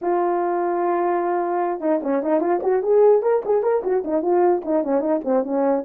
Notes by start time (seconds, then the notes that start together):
0.01 F4
1.80 D#4
2.02 C#4
2.23 D#4
2.40 F4
2.62 F#4
2.82 G#4
3.22 A#4
3.45 G#4
3.62 A#4
3.83 F#4
4.04 D#4
4.22 F4
4.64 D#4
4.83 C#4
5.00 D#4
5.24 C4
5.43 C#4